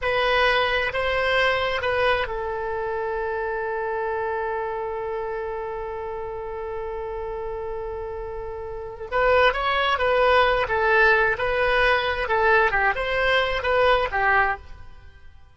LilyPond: \new Staff \with { instrumentName = "oboe" } { \time 4/4 \tempo 4 = 132 b'2 c''2 | b'4 a'2.~ | a'1~ | a'1~ |
a'1 | b'4 cis''4 b'4. a'8~ | a'4 b'2 a'4 | g'8 c''4. b'4 g'4 | }